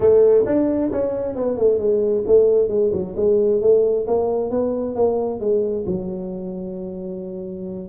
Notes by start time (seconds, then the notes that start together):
0.00 A3
0.46 D4
0.91 C#4
1.35 B3
1.57 A3
1.78 G#3
2.26 A3
2.68 G#3
2.92 F#3
3.16 G#3
3.61 A3
4.07 A#3
4.50 B3
4.95 A#3
5.40 G#3
5.86 F#3